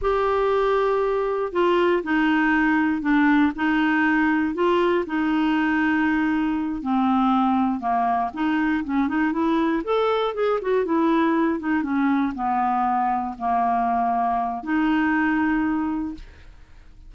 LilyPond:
\new Staff \with { instrumentName = "clarinet" } { \time 4/4 \tempo 4 = 119 g'2. f'4 | dis'2 d'4 dis'4~ | dis'4 f'4 dis'2~ | dis'4. c'2 ais8~ |
ais8 dis'4 cis'8 dis'8 e'4 a'8~ | a'8 gis'8 fis'8 e'4. dis'8 cis'8~ | cis'8 b2 ais4.~ | ais4 dis'2. | }